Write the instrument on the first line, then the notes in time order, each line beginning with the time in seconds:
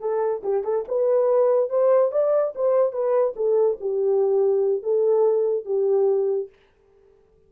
horn
0.00 A4
0.43 G4
0.64 A4
0.88 B4
1.70 C5
2.12 D5
2.55 C5
2.92 B4
3.36 A4
3.80 G4
4.83 A4
5.65 G4